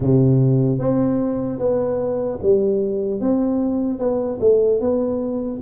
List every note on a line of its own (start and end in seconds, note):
0.00 0.79 C3
0.79 1.59 C4
1.59 2.39 B3
2.42 3.20 G3
3.20 3.99 C4
3.99 4.39 B3
4.40 4.80 A3
4.80 5.60 B3